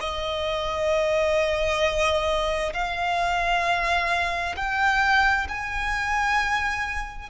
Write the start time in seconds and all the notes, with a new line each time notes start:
0.00 D#5
2.74 F5
4.56 G5
5.49 G#5